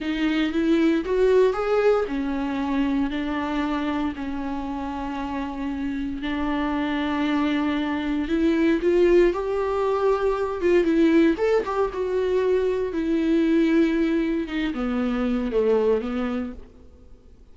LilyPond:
\new Staff \with { instrumentName = "viola" } { \time 4/4 \tempo 4 = 116 dis'4 e'4 fis'4 gis'4 | cis'2 d'2 | cis'1 | d'1 |
e'4 f'4 g'2~ | g'8 f'8 e'4 a'8 g'8 fis'4~ | fis'4 e'2. | dis'8 b4. a4 b4 | }